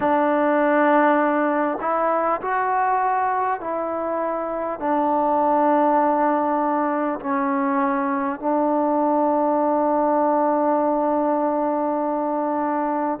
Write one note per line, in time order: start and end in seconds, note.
0.00 1.78 D4
1.81 2.41 E4
2.41 3.60 F#4
3.60 4.79 E4
4.79 7.19 D4
7.19 8.39 C#4
8.39 13.19 D4